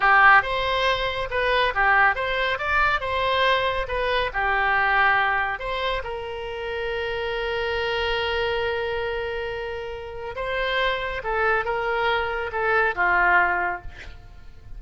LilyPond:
\new Staff \with { instrumentName = "oboe" } { \time 4/4 \tempo 4 = 139 g'4 c''2 b'4 | g'4 c''4 d''4 c''4~ | c''4 b'4 g'2~ | g'4 c''4 ais'2~ |
ais'1~ | ais'1 | c''2 a'4 ais'4~ | ais'4 a'4 f'2 | }